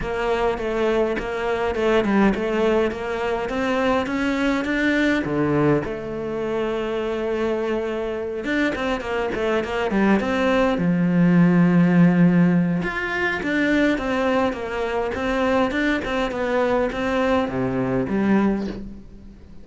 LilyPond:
\new Staff \with { instrumentName = "cello" } { \time 4/4 \tempo 4 = 103 ais4 a4 ais4 a8 g8 | a4 ais4 c'4 cis'4 | d'4 d4 a2~ | a2~ a8 d'8 c'8 ais8 |
a8 ais8 g8 c'4 f4.~ | f2 f'4 d'4 | c'4 ais4 c'4 d'8 c'8 | b4 c'4 c4 g4 | }